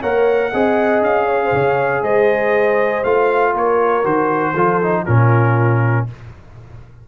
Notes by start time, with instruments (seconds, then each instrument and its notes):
0.00 tuba A#3, trombone A#4, horn C#5, trumpet F#5
0.51 tuba C4, trombone G#4, horn D#5
1.01 tuba C#4, trumpet F5
1.26 horn C#5
1.43 horn C5
1.52 tuba C#3, horn C#5
2.02 tuba G#3, horn C5, trumpet D#5
3.04 tuba A3, trombone F4, trumpet F5
3.53 tuba A#3, horn A#4, trumpet C#5
4.03 tuba D#3, trombone F#4, trumpet C5
4.53 tuba F3, trombone F4, horn A4
4.81 trombone D#4
5.02 tuba A#2, trombone C#4, horn F4, trumpet A#4